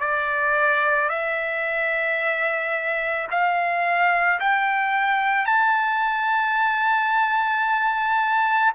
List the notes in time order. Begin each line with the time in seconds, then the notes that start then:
0.00 D5
1.10 E5
3.31 F5
4.40 G5
5.46 A5